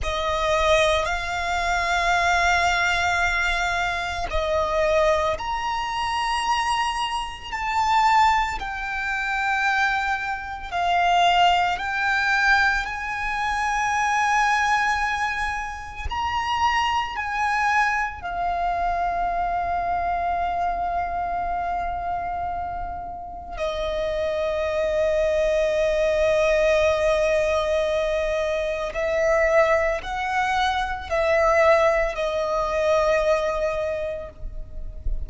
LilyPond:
\new Staff \with { instrumentName = "violin" } { \time 4/4 \tempo 4 = 56 dis''4 f''2. | dis''4 ais''2 a''4 | g''2 f''4 g''4 | gis''2. ais''4 |
gis''4 f''2.~ | f''2 dis''2~ | dis''2. e''4 | fis''4 e''4 dis''2 | }